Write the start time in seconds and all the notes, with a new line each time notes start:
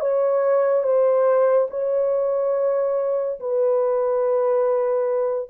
0.00 C#5
0.83 C5
1.70 C#5
3.40 B4